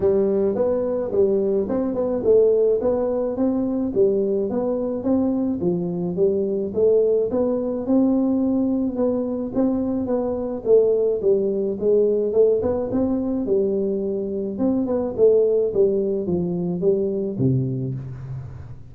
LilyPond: \new Staff \with { instrumentName = "tuba" } { \time 4/4 \tempo 4 = 107 g4 b4 g4 c'8 b8 | a4 b4 c'4 g4 | b4 c'4 f4 g4 | a4 b4 c'2 |
b4 c'4 b4 a4 | g4 gis4 a8 b8 c'4 | g2 c'8 b8 a4 | g4 f4 g4 c4 | }